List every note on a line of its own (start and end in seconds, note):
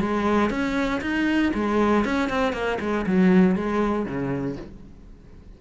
0.00 0.50 G#3
0.50 1.01 C#4
1.01 1.52 D#4
1.54 2.05 G#3
2.05 2.29 C#4
2.29 2.53 C4
2.53 2.78 A#3
2.80 3.06 G#3
3.06 3.56 F#3
3.56 4.06 G#3
4.06 4.56 C#3